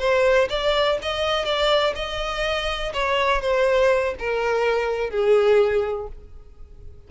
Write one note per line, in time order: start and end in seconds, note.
0.00 0.49 C5
0.50 0.99 D5
1.03 1.46 D#5
1.46 1.94 D5
1.96 2.93 D#5
2.94 3.42 C#5
3.42 4.15 C5
4.19 5.11 A#4
5.11 6.08 G#4